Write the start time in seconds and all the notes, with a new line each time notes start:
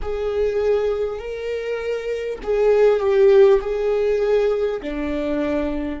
0.02 G#4
1.18 A#4
2.43 G#4
2.99 G4
3.60 G#4
4.82 D4